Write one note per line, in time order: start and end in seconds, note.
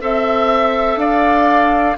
0.00 0.96 C4
0.00 1.97 A4
0.00 0.99 E5
0.00 0.98 E5
0.96 1.94 D4
0.96 1.97 D5
0.96 1.97 F5